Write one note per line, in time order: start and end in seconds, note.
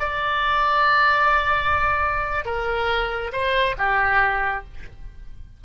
0.00 2.46 D5
2.46 3.32 A#4
3.33 3.76 C5
3.78 4.65 G4